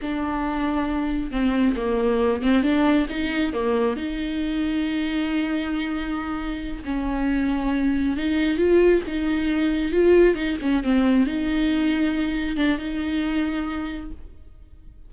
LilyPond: \new Staff \with { instrumentName = "viola" } { \time 4/4 \tempo 4 = 136 d'2. c'4 | ais4. c'8 d'4 dis'4 | ais4 dis'2.~ | dis'2.~ dis'8 cis'8~ |
cis'2~ cis'8 dis'4 f'8~ | f'8 dis'2 f'4 dis'8 | cis'8 c'4 dis'2~ dis'8~ | dis'8 d'8 dis'2. | }